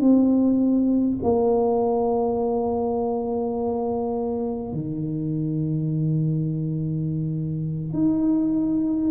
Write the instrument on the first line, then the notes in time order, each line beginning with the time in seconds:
tuba
0.00 C4
1.23 A#3
4.72 D#3
7.93 D#4